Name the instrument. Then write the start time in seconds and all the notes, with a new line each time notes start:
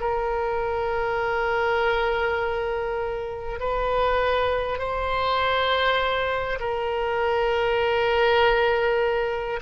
oboe
0.00 A#4
3.59 B4
4.79 C5
6.60 A#4